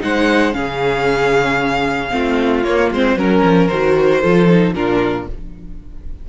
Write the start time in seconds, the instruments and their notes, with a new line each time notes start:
0.00 cello G#3, viola D#4, violin C5 F#5
0.53 cello C#3, viola C#4, violin G#4 F5
2.11 cello A3, viola C4, violin F4
2.64 cello A#3, viola A#3, violin C#5
2.91 cello G#3, viola C4, violin C5
3.16 cello F#3, viola C#4, violin A#4
3.44 cello F3
3.68 cello D#3, viola F#4, violin C5
4.21 cello F3, viola F4, violin A4
4.49 viola D#4
4.74 cello A#2, viola D4, violin F4 A#4